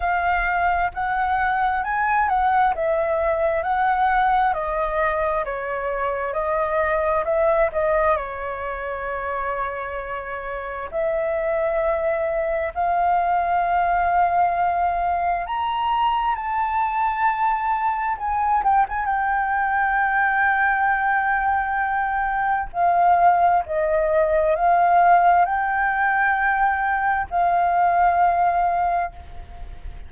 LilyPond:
\new Staff \with { instrumentName = "flute" } { \time 4/4 \tempo 4 = 66 f''4 fis''4 gis''8 fis''8 e''4 | fis''4 dis''4 cis''4 dis''4 | e''8 dis''8 cis''2. | e''2 f''2~ |
f''4 ais''4 a''2 | gis''8 g''16 gis''16 g''2.~ | g''4 f''4 dis''4 f''4 | g''2 f''2 | }